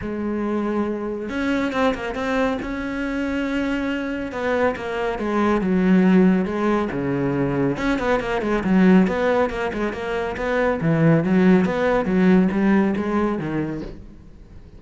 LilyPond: \new Staff \with { instrumentName = "cello" } { \time 4/4 \tempo 4 = 139 gis2. cis'4 | c'8 ais8 c'4 cis'2~ | cis'2 b4 ais4 | gis4 fis2 gis4 |
cis2 cis'8 b8 ais8 gis8 | fis4 b4 ais8 gis8 ais4 | b4 e4 fis4 b4 | fis4 g4 gis4 dis4 | }